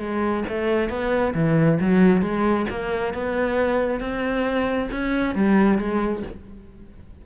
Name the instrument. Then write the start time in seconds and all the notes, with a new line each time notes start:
cello
0.00 G#3
0.49 A3
0.90 B3
1.35 E3
1.81 F#3
2.22 G#3
2.70 A#3
3.14 B3
4.01 C4
4.91 C#4
5.35 G3
5.79 G#3